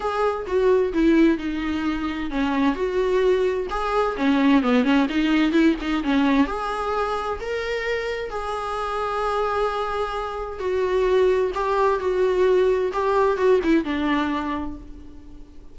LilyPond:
\new Staff \with { instrumentName = "viola" } { \time 4/4 \tempo 4 = 130 gis'4 fis'4 e'4 dis'4~ | dis'4 cis'4 fis'2 | gis'4 cis'4 b8 cis'8 dis'4 | e'8 dis'8 cis'4 gis'2 |
ais'2 gis'2~ | gis'2. fis'4~ | fis'4 g'4 fis'2 | g'4 fis'8 e'8 d'2 | }